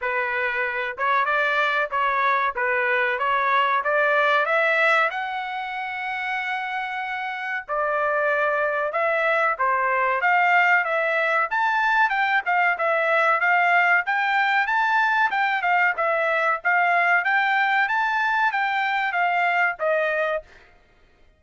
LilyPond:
\new Staff \with { instrumentName = "trumpet" } { \time 4/4 \tempo 4 = 94 b'4. cis''8 d''4 cis''4 | b'4 cis''4 d''4 e''4 | fis''1 | d''2 e''4 c''4 |
f''4 e''4 a''4 g''8 f''8 | e''4 f''4 g''4 a''4 | g''8 f''8 e''4 f''4 g''4 | a''4 g''4 f''4 dis''4 | }